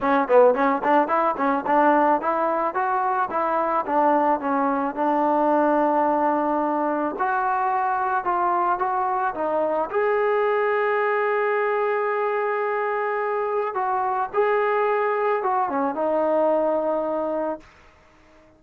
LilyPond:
\new Staff \with { instrumentName = "trombone" } { \time 4/4 \tempo 4 = 109 cis'8 b8 cis'8 d'8 e'8 cis'8 d'4 | e'4 fis'4 e'4 d'4 | cis'4 d'2.~ | d'4 fis'2 f'4 |
fis'4 dis'4 gis'2~ | gis'1~ | gis'4 fis'4 gis'2 | fis'8 cis'8 dis'2. | }